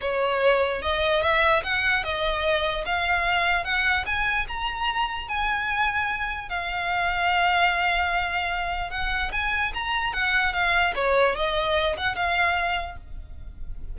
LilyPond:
\new Staff \with { instrumentName = "violin" } { \time 4/4 \tempo 4 = 148 cis''2 dis''4 e''4 | fis''4 dis''2 f''4~ | f''4 fis''4 gis''4 ais''4~ | ais''4 gis''2. |
f''1~ | f''2 fis''4 gis''4 | ais''4 fis''4 f''4 cis''4 | dis''4. fis''8 f''2 | }